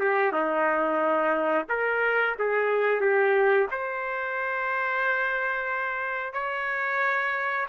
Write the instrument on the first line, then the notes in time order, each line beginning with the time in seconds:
trumpet
0.00 G4
0.32 D#4
1.69 A#4
2.39 G#4
3.01 G4
3.71 C5
6.33 C#5